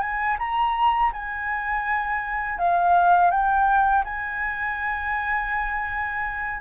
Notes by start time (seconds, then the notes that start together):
0.00 G#5
0.39 A#5
1.13 G#5
2.58 F5
3.30 G5
4.04 G#5